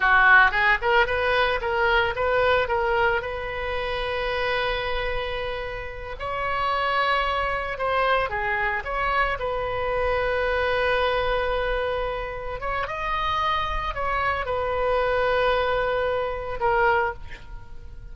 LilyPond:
\new Staff \with { instrumentName = "oboe" } { \time 4/4 \tempo 4 = 112 fis'4 gis'8 ais'8 b'4 ais'4 | b'4 ais'4 b'2~ | b'2.~ b'8 cis''8~ | cis''2~ cis''8 c''4 gis'8~ |
gis'8 cis''4 b'2~ b'8~ | b'2.~ b'8 cis''8 | dis''2 cis''4 b'4~ | b'2. ais'4 | }